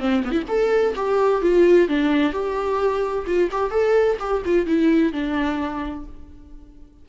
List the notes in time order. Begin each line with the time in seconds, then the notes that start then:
0.00 C4
0.25 B3
0.32 E4
0.48 A4
0.96 G4
1.42 F4
1.88 D4
2.33 G4
3.27 F4
3.52 G4
3.71 A4
4.19 G4
4.45 F4
4.66 E4
5.13 D4